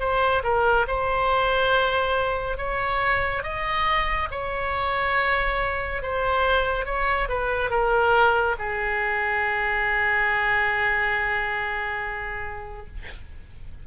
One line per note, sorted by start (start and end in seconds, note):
0.00 0.43 C5
0.44 0.86 A#4
0.88 2.58 C5
2.58 3.43 C#5
3.43 4.29 D#5
4.31 6.03 C#5
6.03 6.86 C5
6.86 7.29 C#5
7.29 7.70 B4
7.70 8.56 A#4
8.59 12.87 G#4